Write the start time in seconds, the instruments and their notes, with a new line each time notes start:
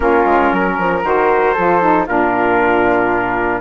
0.00 bassoon A#3, saxophone C#4, flute F4, trumpet A#4
0.24 bassoon G#3
0.52 bassoon F#3, flute A#4
0.78 bassoon F3
1.03 bassoon D#3, saxophone F#4, trumpet C5
1.54 bassoon F3, saxophone F4, flute A4
1.81 saxophone D#4
2.06 bassoon A#2, saxophone D4, flute F4, trumpet A#4